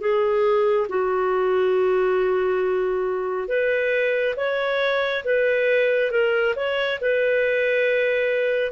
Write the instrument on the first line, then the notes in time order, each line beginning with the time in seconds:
clarinet
0.00 G#4
0.89 F#4
3.48 B4
4.36 C#5
5.24 B4
6.11 A#4
6.55 C#5
7.00 B4